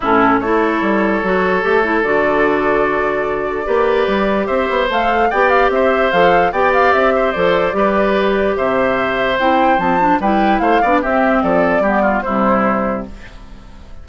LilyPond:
<<
  \new Staff \with { instrumentName = "flute" } { \time 4/4 \tempo 4 = 147 a'4 cis''2.~ | cis''4 d''2.~ | d''2. e''4 | f''4 g''8 f''8 e''4 f''4 |
g''8 f''8 e''4 d''2~ | d''4 e''2 g''4 | a''4 g''4 f''4 e''4 | d''2 c''2 | }
  \new Staff \with { instrumentName = "oboe" } { \time 4/4 e'4 a'2.~ | a'1~ | a'4 b'2 c''4~ | c''4 d''4 c''2 |
d''4. c''4. b'4~ | b'4 c''2.~ | c''4 b'4 c''8 d''8 g'4 | a'4 g'8 f'8 e'2 | }
  \new Staff \with { instrumentName = "clarinet" } { \time 4/4 cis'4 e'2 fis'4 | g'8 e'8 fis'2.~ | fis'4 g'2. | a'4 g'2 a'4 |
g'2 a'4 g'4~ | g'2. e'4 | c'8 d'8 e'4. d'8 c'4~ | c'4 b4 g2 | }
  \new Staff \with { instrumentName = "bassoon" } { \time 4/4 a,4 a4 g4 fis4 | a4 d2.~ | d4 ais4 g4 c'8 b8 | a4 b4 c'4 f4 |
b4 c'4 f4 g4~ | g4 c2 c'4 | f4 g4 a8 b8 c'4 | f4 g4 c2 | }
>>